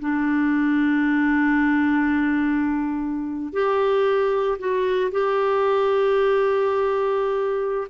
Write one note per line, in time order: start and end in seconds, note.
0.00 3.52 D4
3.52 4.58 G4
4.59 5.11 F#4
5.11 7.88 G4